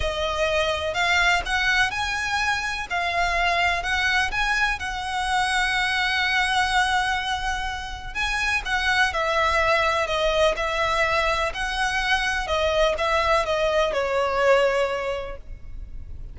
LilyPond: \new Staff \with { instrumentName = "violin" } { \time 4/4 \tempo 4 = 125 dis''2 f''4 fis''4 | gis''2 f''2 | fis''4 gis''4 fis''2~ | fis''1~ |
fis''4 gis''4 fis''4 e''4~ | e''4 dis''4 e''2 | fis''2 dis''4 e''4 | dis''4 cis''2. | }